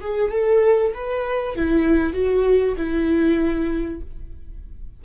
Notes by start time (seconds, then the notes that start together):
0.00 G#4
0.31 A4
0.94 B4
1.55 E4
2.13 F#4
2.77 E4